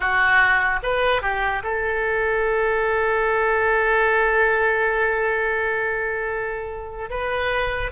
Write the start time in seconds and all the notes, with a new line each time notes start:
0.00 F#4
0.83 B4
1.22 G4
1.63 A4
7.09 B4